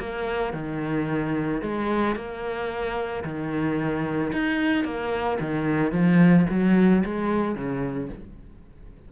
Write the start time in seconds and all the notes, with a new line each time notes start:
0.00 A#3
0.54 D#3
1.62 G#3
2.16 A#3
3.24 D#3
4.33 D#4
4.85 A#3
5.40 D#3
5.92 F3
6.50 F#3
7.05 G#3
7.56 C#3